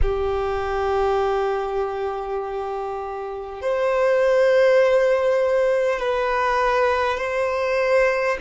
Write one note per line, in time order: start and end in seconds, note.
0.02 3.61 G4
3.61 5.99 C5
5.99 7.17 B4
7.17 8.37 C5